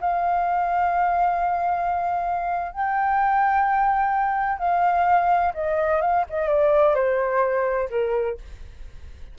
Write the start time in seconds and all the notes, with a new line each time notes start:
0.00 F5
2.72 G5
4.58 F5
5.54 D#5
6.01 F5
6.29 D#5
6.48 D5
6.95 C5
7.90 A#4